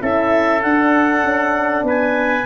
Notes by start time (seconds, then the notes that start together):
0.00 C#4 E4 A4 E5
0.61 D4 F#5
1.23 C#4
1.82 B3 B4
1.88 G#5